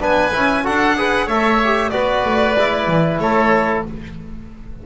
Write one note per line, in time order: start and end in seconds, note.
0.00 0.33 B3
0.00 0.32 D4
0.00 0.64 B4
0.00 0.67 G#5
0.33 0.67 C#4
0.33 0.64 E4
0.64 1.28 D4
0.64 0.96 F#4
0.64 0.97 A4
0.64 1.29 F#5
0.98 1.30 G#4
0.98 1.27 B4
1.27 1.91 A3
1.27 1.62 A4
1.27 1.91 C#5
1.27 1.91 E5
1.65 1.93 G4
1.91 2.24 B3
1.91 2.57 F#4
1.91 3.22 B4
1.91 3.18 D5
2.25 2.57 A3
2.57 2.88 G#3
2.57 3.87 E4
2.88 3.20 E3
3.20 3.84 A3
3.20 3.86 A4
3.20 3.84 C#5